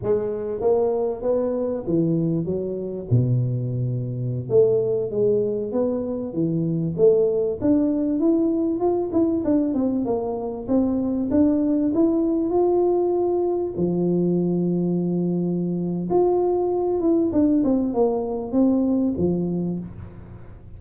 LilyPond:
\new Staff \with { instrumentName = "tuba" } { \time 4/4 \tempo 4 = 97 gis4 ais4 b4 e4 | fis4 b,2~ b,16 a8.~ | a16 gis4 b4 e4 a8.~ | a16 d'4 e'4 f'8 e'8 d'8 c'16~ |
c'16 ais4 c'4 d'4 e'8.~ | e'16 f'2 f4.~ f16~ | f2 f'4. e'8 | d'8 c'8 ais4 c'4 f4 | }